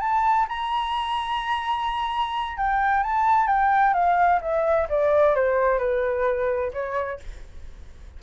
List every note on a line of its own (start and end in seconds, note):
0.00 0.47 A5
0.48 2.57 A#5
2.57 3.03 G5
3.03 3.47 A5
3.47 3.93 G5
3.93 4.40 F5
4.41 4.88 E5
4.89 5.35 D5
5.35 5.78 C5
5.78 6.71 B4
6.73 7.20 C#5